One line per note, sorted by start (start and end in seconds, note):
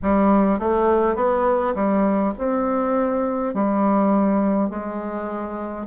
0.02 0.59 G3
0.59 1.15 A3
1.15 1.74 B3
1.74 2.33 G3
2.38 3.53 C4
3.53 4.69 G3
4.69 5.86 G#3